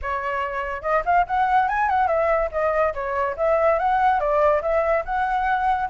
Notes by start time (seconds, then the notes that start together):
0.02 C#5
0.81 D#5
1.05 F5
1.26 F#5
1.68 G#5
1.89 F#5
2.07 E5
2.51 D#5
2.94 C#5
3.37 E5
3.79 F#5
4.19 D5
4.62 E5
5.05 F#5